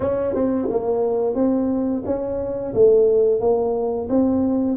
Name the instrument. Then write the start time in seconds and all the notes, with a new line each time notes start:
tuba
0.00 C#4
0.34 C4
0.70 A#3
1.35 C4
2.05 C#4
2.74 A3
3.40 A#3
4.09 C4